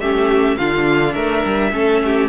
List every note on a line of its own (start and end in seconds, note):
0.00 0.58 A3
0.00 0.59 C#4
0.00 0.58 G4
0.00 0.57 E5
0.57 1.16 D3
0.57 1.72 D4
0.57 1.13 F4
0.57 1.14 F5
1.13 1.44 A3
1.13 1.71 A#4
1.13 2.29 E5
1.45 1.73 G3
1.72 2.29 A3
1.72 2.29 C#4
1.72 2.03 A4
2.05 2.29 G4